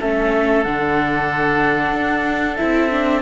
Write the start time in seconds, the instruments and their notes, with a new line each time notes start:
0.00 cello A3, viola C#4, oboe A4, flute E5
0.63 cello D3, viola D4, flute F#5
1.92 cello D4
2.56 cello C4, viola E4, flute E5
2.91 viola D4